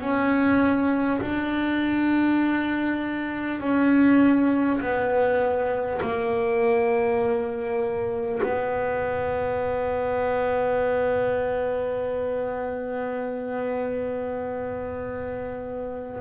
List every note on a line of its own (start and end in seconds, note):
0.00 1.20 C#4
1.21 3.60 D4
3.60 4.80 C#4
4.80 6.00 B3
6.01 8.41 A#3
8.42 16.21 B3